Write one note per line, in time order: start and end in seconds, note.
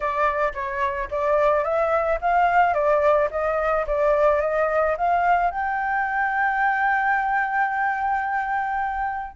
0.00 0.52 D5
0.54 1.09 C#5
1.11 1.63 D5
1.63 2.18 E5
2.21 2.73 F5
2.73 3.29 D5
3.30 3.85 D#5
3.87 4.40 D5
4.40 4.95 D#5
4.97 5.50 F5
5.50 9.36 G5